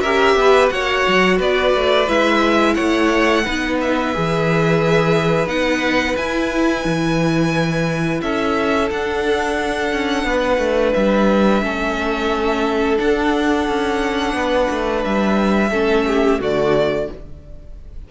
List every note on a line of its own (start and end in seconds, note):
0.00 0.35 C#4
0.00 0.70 G4
0.00 0.36 A#4
0.00 0.68 E5
0.35 0.69 B3
0.35 0.73 B4
0.69 1.06 A#3
0.69 2.06 F#4
0.69 1.37 C#5
0.69 1.37 F#5
1.08 1.39 F#3
1.37 1.73 B3
1.37 2.73 B4
1.37 2.09 D5
1.74 2.08 A3
2.07 2.77 G#3
2.07 3.44 E4
2.07 2.74 E5
2.74 3.46 A3
2.74 3.43 C#5
2.74 3.77 F#5
3.44 4.15 B3
3.44 4.13 D#4
3.44 8.21 B4
3.80 5.48 E5
4.13 5.46 E3
4.13 5.46 G#4
5.46 6.14 B3
5.46 6.14 D#4
5.46 6.16 F#5
6.16 6.85 E4
6.16 8.90 E4
6.16 8.21 G#5
6.85 8.21 E3
8.21 8.90 C#4
8.21 10.27 A4
8.21 8.89 E5
8.90 11.61 D4
8.90 9.92 D4
8.90 10.93 F#5
9.92 10.24 C#4
10.24 10.58 B3
10.24 11.63 B4
10.58 10.92 A3
10.93 11.62 G3
10.93 12.98 E5
11.61 12.98 A3
11.61 12.96 C#4
11.61 14.36 A4
12.96 15.69 D4
12.96 13.68 D4
12.96 15.04 F#5
13.68 14.33 C#4
14.33 14.67 B3
14.33 15.70 B4
14.70 15.04 A3
15.04 15.71 G3
15.04 16.40 E5
15.70 16.39 A3
15.70 16.40 C#4
15.70 16.04 A4
16.06 16.40 G4
16.40 17.08 D3
16.40 17.08 A3
16.40 17.08 F#4
16.40 17.10 D5